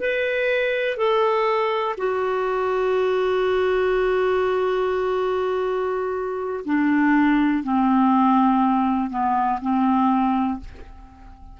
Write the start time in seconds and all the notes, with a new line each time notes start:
0.00 B4
0.97 A4
1.98 F#4
6.65 D4
7.64 C4
9.10 B3
9.62 C4